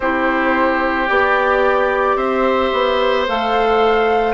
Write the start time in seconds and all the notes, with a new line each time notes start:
0.00 C4 E4 G4 C5
1.08 B3 G4 D5
2.16 C4 C5 E5
2.72 B3
3.27 A3 A4 F5